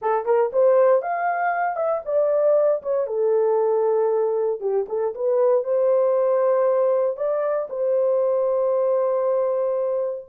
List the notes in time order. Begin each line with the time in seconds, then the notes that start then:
0.01 A4
0.25 A#4
0.52 C5
1.02 F5
1.76 E5
2.05 D5
2.82 C#5
3.07 A4
4.60 G4
4.88 A4
5.14 B4
5.64 C5
7.16 D5
7.69 C5